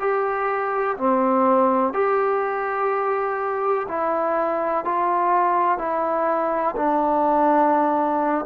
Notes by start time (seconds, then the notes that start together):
0.00 G4
0.98 C4
1.94 G4
3.88 E4
4.85 F4
5.78 E4
6.77 D4